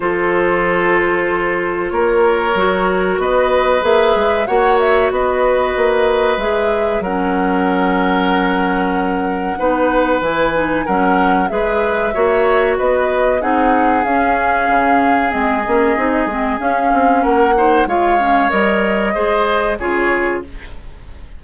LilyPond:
<<
  \new Staff \with { instrumentName = "flute" } { \time 4/4 \tempo 4 = 94 c''2. cis''4~ | cis''4 dis''4 e''4 fis''8 e''8 | dis''2 e''4 fis''4~ | fis''1 |
gis''4 fis''4 e''2 | dis''4 fis''4 f''2 | dis''2 f''4 fis''4 | f''4 dis''2 cis''4 | }
  \new Staff \with { instrumentName = "oboe" } { \time 4/4 a'2. ais'4~ | ais'4 b'2 cis''4 | b'2. ais'4~ | ais'2. b'4~ |
b'4 ais'4 b'4 cis''4 | b'4 gis'2.~ | gis'2. ais'8 c''8 | cis''2 c''4 gis'4 | }
  \new Staff \with { instrumentName = "clarinet" } { \time 4/4 f'1 | fis'2 gis'4 fis'4~ | fis'2 gis'4 cis'4~ | cis'2. dis'4 |
e'8 dis'8 cis'4 gis'4 fis'4~ | fis'4 dis'4 cis'2 | c'8 cis'8 dis'8 c'8 cis'4. dis'8 | f'8 cis'8 ais'4 gis'4 f'4 | }
  \new Staff \with { instrumentName = "bassoon" } { \time 4/4 f2. ais4 | fis4 b4 ais8 gis8 ais4 | b4 ais4 gis4 fis4~ | fis2. b4 |
e4 fis4 gis4 ais4 | b4 c'4 cis'4 cis4 | gis8 ais8 c'8 gis8 cis'8 c'8 ais4 | gis4 g4 gis4 cis4 | }
>>